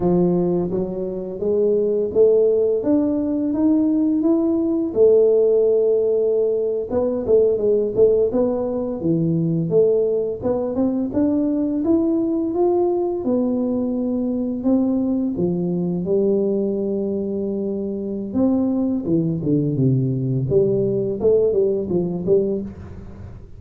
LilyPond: \new Staff \with { instrumentName = "tuba" } { \time 4/4 \tempo 4 = 85 f4 fis4 gis4 a4 | d'4 dis'4 e'4 a4~ | a4.~ a16 b8 a8 gis8 a8 b16~ | b8. e4 a4 b8 c'8 d'16~ |
d'8. e'4 f'4 b4~ b16~ | b8. c'4 f4 g4~ g16~ | g2 c'4 e8 d8 | c4 g4 a8 g8 f8 g8 | }